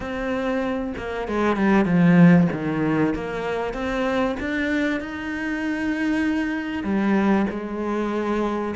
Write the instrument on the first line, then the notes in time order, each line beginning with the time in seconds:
cello
0.00 C4
0.97 A#3
1.28 G#3
1.56 G3
1.85 F3
2.52 D#3
3.14 A#3
3.73 C4
4.40 D4
5.00 D#4
6.83 G3
7.49 G#3